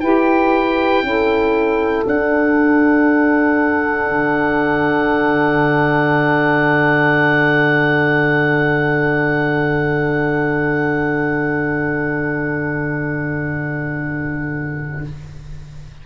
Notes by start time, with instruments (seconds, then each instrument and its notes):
0.00 tuba E4, saxophone G4 B4, oboe G5
1.02 tuba C#4, saxophone E4 A4
2.06 tuba D4, saxophone D4, oboe F#5
4.09 tuba D3